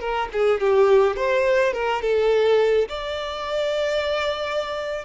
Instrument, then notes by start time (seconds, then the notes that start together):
violin
0.00 A#4
0.33 G#4
0.60 G4
1.16 C5
1.73 A#4
2.02 A4
2.89 D5